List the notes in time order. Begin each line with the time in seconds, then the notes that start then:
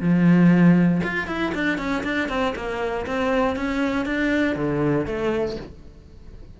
0.00 F3
1.03 F4
1.27 E4
1.54 D4
1.78 C#4
2.03 D4
2.29 C4
2.55 A#3
3.06 C4
3.56 C#4
4.05 D4
4.55 D3
5.06 A3